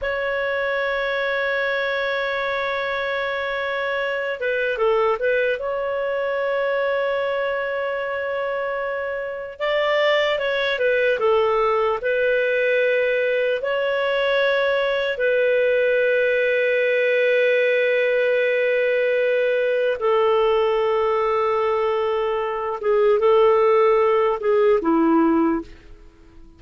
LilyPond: \new Staff \with { instrumentName = "clarinet" } { \time 4/4 \tempo 4 = 75 cis''1~ | cis''4. b'8 a'8 b'8 cis''4~ | cis''1 | d''4 cis''8 b'8 a'4 b'4~ |
b'4 cis''2 b'4~ | b'1~ | b'4 a'2.~ | a'8 gis'8 a'4. gis'8 e'4 | }